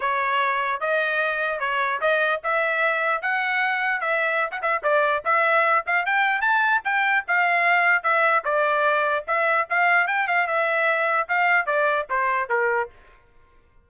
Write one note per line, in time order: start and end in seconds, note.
0.00 0.80 C#5
0.80 1.59 D#5
1.59 2.00 C#5
2.00 2.41 D#5
2.43 3.22 E5
3.22 4.00 F#5
4.00 4.51 E5
4.51 4.61 F#5
4.61 4.82 E5
4.83 5.23 D5
5.24 5.85 E5
5.86 6.05 F5
6.05 6.41 G5
6.41 6.81 A5
6.84 7.24 G5
7.27 8.03 F5
8.03 8.43 E5
8.44 9.25 D5
9.27 9.67 E5
9.69 10.07 F5
10.07 10.27 G5
10.27 10.47 F5
10.47 11.27 E5
11.28 11.66 F5
11.66 12.06 D5
12.09 12.49 C5
12.49 12.89 A#4